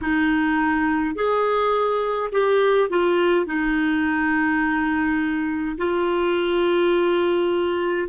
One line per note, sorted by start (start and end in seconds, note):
0.01 1.15 D#4
1.15 2.30 G#4
2.32 2.89 G4
2.89 3.46 F4
3.46 5.76 D#4
5.77 8.08 F4